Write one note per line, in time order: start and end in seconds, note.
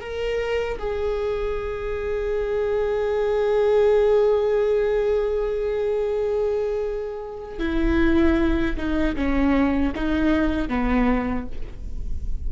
0.00 0.78 A#4
0.79 7.59 G#4
7.59 8.76 E4
8.76 9.15 D#4
9.16 9.94 C#4
9.95 10.69 D#4
10.69 11.47 B3